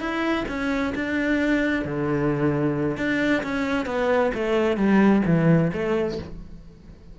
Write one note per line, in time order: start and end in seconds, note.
0.00 0.45 E4
0.48 0.94 C#4
0.95 1.85 D4
1.85 2.97 D3
2.97 3.43 D4
3.43 3.86 C#4
3.86 4.32 B3
4.35 4.77 A3
4.77 5.23 G3
5.26 5.72 E3
5.74 6.19 A3